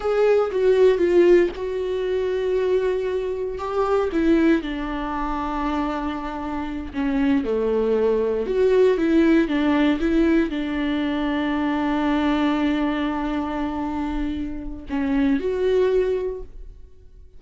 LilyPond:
\new Staff \with { instrumentName = "viola" } { \time 4/4 \tempo 4 = 117 gis'4 fis'4 f'4 fis'4~ | fis'2. g'4 | e'4 d'2.~ | d'4. cis'4 a4.~ |
a8 fis'4 e'4 d'4 e'8~ | e'8 d'2.~ d'8~ | d'1~ | d'4 cis'4 fis'2 | }